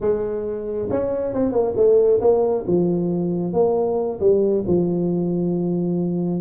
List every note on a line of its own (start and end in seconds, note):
0.00 0.89 G#3
0.90 1.33 C#4
1.33 1.52 C4
1.52 1.74 A#3
1.76 2.20 A3
2.20 2.65 A#3
2.67 3.53 F3
3.53 4.19 A#3
4.20 4.64 G3
4.67 6.40 F3